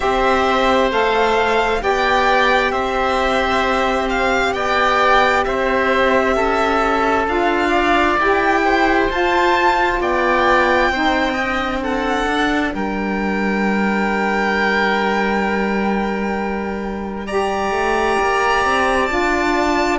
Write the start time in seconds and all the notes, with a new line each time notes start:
0.00 C4 G4 C5 E5
0.90 A3 A4 F5
1.78 B3 G4 D5 G5
2.71 C4 C5 E5
4.09 F5
4.53 B3 D5 G5
5.44 C4 C5 E5
6.36 C#4 A4
7.27 D4 F4 F5
7.68 D5
8.18 E4 G4 G5
8.64 C5
9.10 F4 A5
10.00 B3 D5 G5
10.89 C4 D#4 C5
11.32 D4 D#5
11.82 A4 F#5
12.26 D4
12.74 G3 A#4 G5
17.26 G4 D5 A#5
17.70 A3
18.21 A#3
18.65 C4
19.05 D4 F4 A5